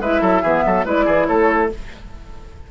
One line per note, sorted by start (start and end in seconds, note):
0.00 0.21 G#3
0.00 0.45 E4
0.00 0.22 B4
0.00 0.87 E5
0.22 0.43 F#3
0.22 0.43 A4
0.43 0.64 E3
0.43 0.86 B3
0.43 0.64 G#4
0.66 0.86 F#3
0.66 0.86 A4
0.86 1.07 G#3
0.86 1.70 E4
0.86 1.06 B4
0.86 1.27 D5
1.06 1.28 E3
1.06 1.27 G#4
1.27 1.71 A3
1.27 1.71 A4
1.27 1.70 C#5